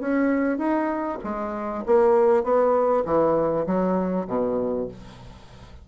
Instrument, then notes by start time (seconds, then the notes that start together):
bassoon
0.00 C#4
0.58 D#4
1.24 G#3
1.86 A#3
2.44 B3
3.06 E3
3.66 F#3
4.27 B2